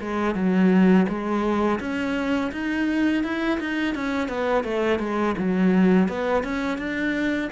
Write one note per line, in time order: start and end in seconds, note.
0.00 0.34 G#3
0.34 1.06 F#3
1.08 1.79 G#3
1.80 2.51 C#4
2.52 3.23 D#4
3.23 3.59 E4
3.59 3.94 D#4
3.94 4.28 C#4
4.28 4.64 B3
4.64 4.99 A3
4.99 5.35 G#3
5.37 6.08 F#3
6.08 6.43 B3
6.43 6.78 C#4
6.78 7.49 D4